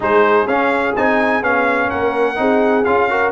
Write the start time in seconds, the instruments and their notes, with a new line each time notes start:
0.00 tuba G#3, trombone D#4, horn G#4, trumpet C5
0.46 tuba C#4, trombone C#4, trumpet F5
0.96 tuba C4, trombone D#4, trumpet G#5
1.42 tuba B3, trombone C#4, trumpet F5
1.88 tuba A#3, horn A#4, trumpet F#5
2.35 tuba C4, trombone D#4, horn G#4
2.84 tuba C#4, trombone F4, trumpet F5
3.09 trombone F#4, horn A#4